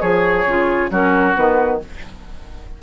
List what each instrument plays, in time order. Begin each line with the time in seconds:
0.00 bassoon F3, clarinet G#4, oboe G#4, flute C#5
0.45 bassoon C#3, clarinet F4
0.90 bassoon F#3, clarinet C#4, oboe F#4, flute A#4
1.34 bassoon D#3, clarinet B3, flute B4